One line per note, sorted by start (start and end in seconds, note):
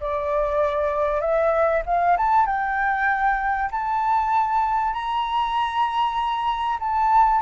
0.00 1.21 D5
1.21 1.82 E5
1.86 2.17 F5
2.17 2.46 A5
2.46 3.70 G5
3.71 4.93 A5
4.93 6.78 A#5
6.80 7.41 A5